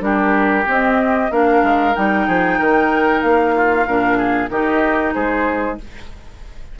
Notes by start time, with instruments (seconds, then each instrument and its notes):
0.00 bassoon G3, clarinet D4, oboe G4, flute A#4
0.66 clarinet C4, bassoon C4, flute D#5
1.31 bassoon A#3, clarinet D4, oboe A#4, flute F5
1.63 bassoon G#3
1.95 bassoon G3, clarinet D#4, flute G5
2.27 bassoon F3, oboe G#4
2.59 bassoon D#3, oboe A#4
3.22 bassoon A#3, flute F5
3.55 oboe F4
3.86 bassoon A#2, clarinet D4, oboe A#4
4.17 oboe G#4
4.49 bassoon D#3, clarinet D#4, oboe G4, flute D#5
5.14 bassoon G#3, oboe G#4, flute C5